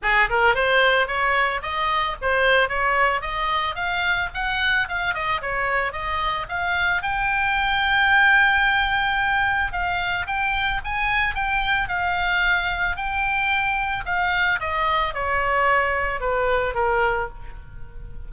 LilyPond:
\new Staff \with { instrumentName = "oboe" } { \time 4/4 \tempo 4 = 111 gis'8 ais'8 c''4 cis''4 dis''4 | c''4 cis''4 dis''4 f''4 | fis''4 f''8 dis''8 cis''4 dis''4 | f''4 g''2.~ |
g''2 f''4 g''4 | gis''4 g''4 f''2 | g''2 f''4 dis''4 | cis''2 b'4 ais'4 | }